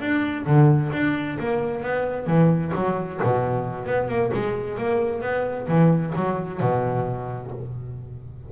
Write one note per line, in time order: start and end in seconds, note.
0.00 0.45 D4
0.46 0.92 D3
0.92 1.38 D4
1.39 1.83 A#3
1.83 2.27 B3
2.27 2.72 E3
2.75 3.20 F#3
3.23 3.86 B2
3.86 4.08 B3
4.08 4.31 A#3
4.33 4.78 G#3
4.78 5.21 A#3
5.21 5.67 B3
5.68 6.13 E3
6.15 6.60 F#3
6.60 7.51 B2